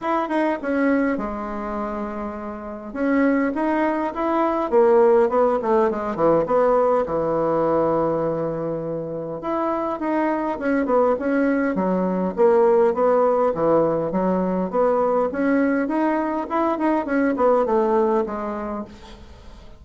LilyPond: \new Staff \with { instrumentName = "bassoon" } { \time 4/4 \tempo 4 = 102 e'8 dis'8 cis'4 gis2~ | gis4 cis'4 dis'4 e'4 | ais4 b8 a8 gis8 e8 b4 | e1 |
e'4 dis'4 cis'8 b8 cis'4 | fis4 ais4 b4 e4 | fis4 b4 cis'4 dis'4 | e'8 dis'8 cis'8 b8 a4 gis4 | }